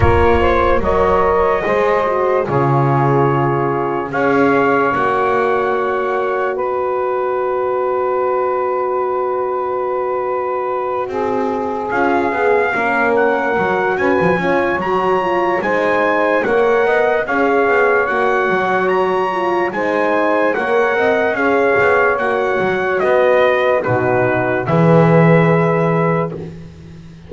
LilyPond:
<<
  \new Staff \with { instrumentName = "trumpet" } { \time 4/4 \tempo 4 = 73 cis''4 dis''2 cis''4~ | cis''4 f''4 fis''2 | dis''1~ | dis''2~ dis''8 f''4. |
fis''4 gis''4 ais''4 gis''4 | fis''4 f''4 fis''4 ais''4 | gis''4 fis''4 f''4 fis''4 | dis''4 b'4 e''2 | }
  \new Staff \with { instrumentName = "saxophone" } { \time 4/4 ais'8 c''8 cis''4 c''4 gis'4~ | gis'4 cis''2. | b'1~ | b'4. gis'2 ais'8~ |
ais'4 b'8 cis''4. c''4 | cis''8 dis''8 cis''2. | c''4 cis''8 dis''8 cis''2 | b'4 fis'4 b'2 | }
  \new Staff \with { instrumentName = "horn" } { \time 4/4 f'4 ais'4 gis'8 fis'8 f'4~ | f'4 gis'4 fis'2~ | fis'1~ | fis'2~ fis'8 f'8 gis'8 cis'8~ |
cis'8 fis'4 f'8 fis'8 f'8 dis'4 | ais'4 gis'4 fis'4. f'8 | dis'4 ais'4 gis'4 fis'4~ | fis'4 dis'4 gis'2 | }
  \new Staff \with { instrumentName = "double bass" } { \time 4/4 ais4 fis4 gis4 cis4~ | cis4 cis'4 ais2 | b1~ | b4. c'4 cis'8 b8 ais8~ |
ais8 fis8 cis'16 f16 cis'8 fis4 gis4 | ais8 b8 cis'8 b8 ais8 fis4. | gis4 ais8 c'8 cis'8 b8 ais8 fis8 | b4 b,4 e2 | }
>>